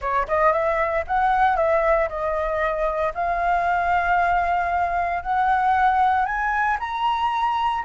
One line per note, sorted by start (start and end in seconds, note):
0.01 0.27 C#5
0.28 0.52 D#5
0.52 1.04 E5
1.07 1.56 F#5
1.56 2.08 E5
2.09 3.13 D#5
3.14 5.22 F5
5.22 6.25 F#5
6.25 6.77 G#5
6.79 7.84 A#5